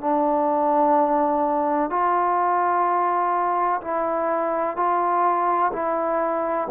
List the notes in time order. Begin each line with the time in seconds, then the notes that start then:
0.00 D4
1.90 F4
3.81 E4
4.76 F4
5.73 E4